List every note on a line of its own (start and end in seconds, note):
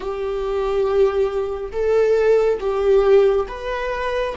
0.00 1.72 G4
1.72 2.59 A4
2.59 3.46 G4
3.48 4.35 B4